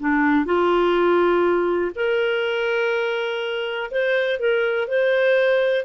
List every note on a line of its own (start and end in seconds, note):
0.00 0.46 D4
0.46 1.92 F4
1.96 3.91 A#4
3.91 4.40 C5
4.40 4.88 A#4
4.88 5.86 C5